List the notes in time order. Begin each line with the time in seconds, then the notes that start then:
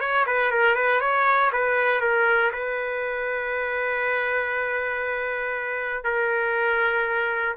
0.00 C#5
0.26 B4
0.51 A#4
0.75 B4
1.00 C#5
1.52 B4
2.01 A#4
2.52 B4
6.04 A#4